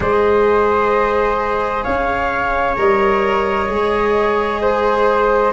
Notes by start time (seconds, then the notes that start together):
0.00 G#3 G#4 C5 D#5
1.83 C#4 C#5 F5
2.76 G3 A#4 D#5
3.68 G#3 G#4
4.61 C5